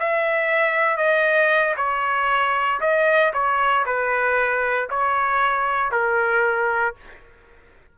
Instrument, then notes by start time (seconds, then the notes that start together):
trumpet
0.00 E5
0.97 D#5
1.77 C#5
2.81 D#5
3.34 C#5
3.86 B4
4.90 C#5
5.92 A#4